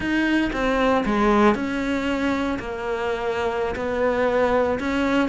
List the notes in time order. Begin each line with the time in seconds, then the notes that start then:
0.00 D#4
0.52 C4
1.05 G#3
1.54 C#4
2.59 A#3
3.75 B3
4.79 C#4